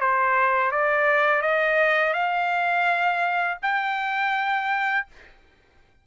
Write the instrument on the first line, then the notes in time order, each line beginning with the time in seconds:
trumpet
0.00 C5
0.71 D5
1.42 D#5
2.13 F5
3.62 G5